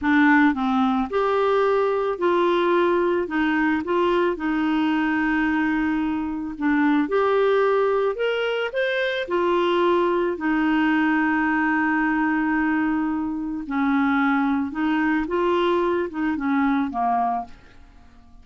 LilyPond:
\new Staff \with { instrumentName = "clarinet" } { \time 4/4 \tempo 4 = 110 d'4 c'4 g'2 | f'2 dis'4 f'4 | dis'1 | d'4 g'2 ais'4 |
c''4 f'2 dis'4~ | dis'1~ | dis'4 cis'2 dis'4 | f'4. dis'8 cis'4 ais4 | }